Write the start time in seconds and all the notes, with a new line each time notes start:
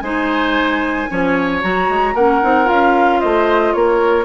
0.00 G#3 D#4 C5 G#5
1.09 F3 C#4 C#5
1.62 F#3 F#4 A#5
1.89 G#3
2.14 A#3 C#4 A#4 F#5
2.42 C4 D#4
2.65 C#4 F4 F5
3.20 A3 C5 D#5
3.73 A#3 A#4 C#5